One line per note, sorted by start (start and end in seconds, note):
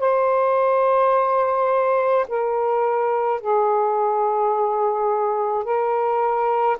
0.00 2.26 C5
2.28 3.41 A#4
3.41 5.64 G#4
5.64 6.77 A#4